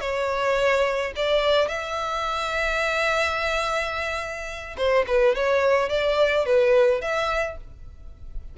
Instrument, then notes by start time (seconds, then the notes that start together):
violin
0.00 C#5
1.16 D5
1.68 E5
4.77 C5
5.07 B4
5.35 C#5
5.89 D5
6.45 B4
7.01 E5